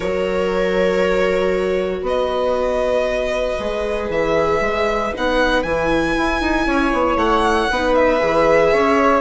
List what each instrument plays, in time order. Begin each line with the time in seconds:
0.00 bassoon F#3, viola F#4 A#4, violin C#5
2.01 bassoon B3, viola B4, violin D#5
3.59 bassoon G#3, viola G#4
4.09 bassoon E3, violin E5
4.60 bassoon G#3
5.13 bassoon B3, viola D#4, violin F#5
5.62 bassoon E3, viola E4, violin G#5
6.17 bassoon E4
6.40 bassoon D#4
6.66 bassoon C#4, viola C#5
6.92 bassoon B3
7.16 bassoon A3, violin F#5
7.70 bassoon B3, viola D#4 B4
7.94 violin E5
8.19 bassoon E3, viola G#4
8.73 bassoon C#4, viola C#5